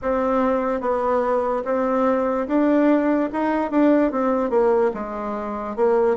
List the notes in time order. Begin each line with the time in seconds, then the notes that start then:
0.01 C4
0.80 B3
1.64 C4
2.47 D4
3.32 D#4
3.70 D4
4.11 C4
4.50 A#3
4.94 G#3
5.76 A#3